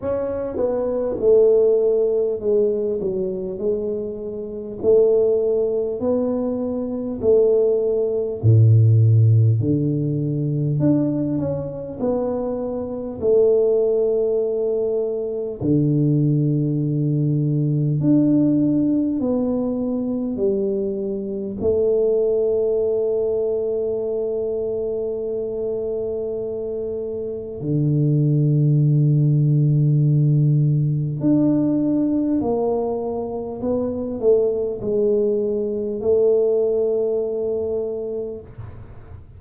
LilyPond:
\new Staff \with { instrumentName = "tuba" } { \time 4/4 \tempo 4 = 50 cis'8 b8 a4 gis8 fis8 gis4 | a4 b4 a4 a,4 | d4 d'8 cis'8 b4 a4~ | a4 d2 d'4 |
b4 g4 a2~ | a2. d4~ | d2 d'4 ais4 | b8 a8 gis4 a2 | }